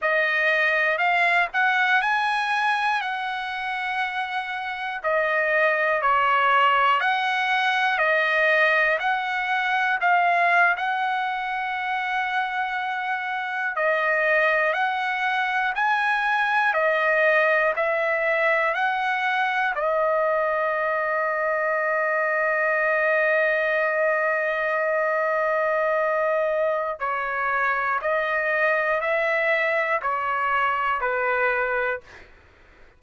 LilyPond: \new Staff \with { instrumentName = "trumpet" } { \time 4/4 \tempo 4 = 60 dis''4 f''8 fis''8 gis''4 fis''4~ | fis''4 dis''4 cis''4 fis''4 | dis''4 fis''4 f''8. fis''4~ fis''16~ | fis''4.~ fis''16 dis''4 fis''4 gis''16~ |
gis''8. dis''4 e''4 fis''4 dis''16~ | dis''1~ | dis''2. cis''4 | dis''4 e''4 cis''4 b'4 | }